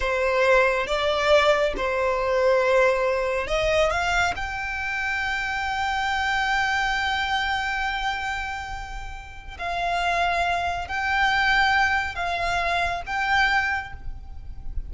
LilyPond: \new Staff \with { instrumentName = "violin" } { \time 4/4 \tempo 4 = 138 c''2 d''2 | c''1 | dis''4 f''4 g''2~ | g''1~ |
g''1~ | g''2 f''2~ | f''4 g''2. | f''2 g''2 | }